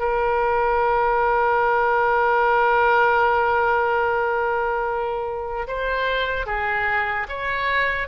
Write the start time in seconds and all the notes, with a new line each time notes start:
0.00 A#4
5.68 C5
6.46 G#4
7.29 C#5